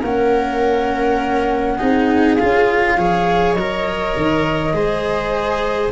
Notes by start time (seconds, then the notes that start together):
0.00 A#3 C#4 A#4 F#5
1.77 C4 D#4 G#4
2.36 C#4 F4 F5
2.97 F3 G#4 C#5
3.53 F#3 A#4 D#5
4.16 D#3
4.73 G#3 G#4 C5